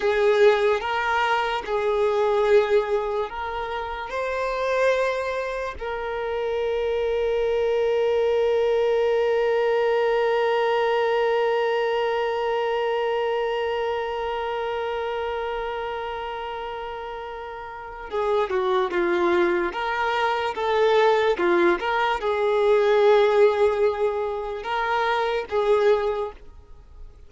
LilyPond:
\new Staff \with { instrumentName = "violin" } { \time 4/4 \tempo 4 = 73 gis'4 ais'4 gis'2 | ais'4 c''2 ais'4~ | ais'1~ | ais'1~ |
ais'1~ | ais'2 gis'8 fis'8 f'4 | ais'4 a'4 f'8 ais'8 gis'4~ | gis'2 ais'4 gis'4 | }